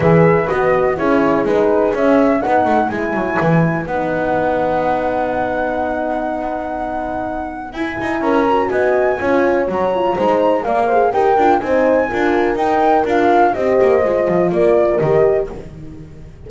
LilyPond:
<<
  \new Staff \with { instrumentName = "flute" } { \time 4/4 \tempo 4 = 124 e''4 dis''4 cis''4 b'4 | e''4 fis''4 gis''2 | fis''1~ | fis''1 |
gis''4 ais''4 gis''2 | ais''2 f''4 g''4 | gis''2 g''4 f''4 | dis''2 d''4 dis''4 | }
  \new Staff \with { instrumentName = "horn" } { \time 4/4 b'2 gis'2~ | gis'4 b'2.~ | b'1~ | b'1~ |
b'4 ais'4 dis''4 cis''4~ | cis''4 c''4 d''8 c''8 ais'4 | c''4 ais'2. | c''2 ais'2 | }
  \new Staff \with { instrumentName = "horn" } { \time 4/4 gis'4 fis'4 e'4 dis'4 | cis'4 dis'4 e'2 | dis'1~ | dis'1 |
e'4. fis'4. f'4 | fis'8 f'8 dis'4 ais'8 gis'8 g'8 f'8 | dis'4 f'4 dis'4 f'4 | g'4 f'2 g'4 | }
  \new Staff \with { instrumentName = "double bass" } { \time 4/4 e4 b4 cis'4 gis4 | cis'4 b8 a8 gis8 fis8 e4 | b1~ | b1 |
e'8 dis'8 cis'4 b4 cis'4 | fis4 gis4 ais4 dis'8 d'8 | c'4 d'4 dis'4 d'4 | c'8 ais8 gis8 f8 ais4 dis4 | }
>>